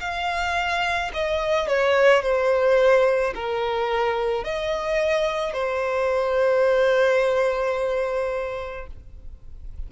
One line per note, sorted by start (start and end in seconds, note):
0.00 1.11 F5
1.14 1.68 D#5
1.68 2.23 C#5
2.23 3.34 C5
3.35 4.44 A#4
4.44 5.54 D#5
5.54 8.87 C5